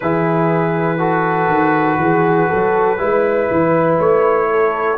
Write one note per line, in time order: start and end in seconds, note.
0.00 1.47 E3
0.00 0.98 E4
0.00 0.98 G#4
0.00 3.96 B4
0.98 2.98 F#4
0.98 1.98 A4
1.47 1.97 D#3
1.98 2.48 E3
1.98 2.49 G#4
2.49 2.99 F#3
2.49 2.99 A4
2.98 3.49 G#3
2.98 4.98 E4
2.98 4.50 B4
3.51 3.98 E3
3.98 4.98 A3
3.98 4.98 C#5
4.50 4.98 A4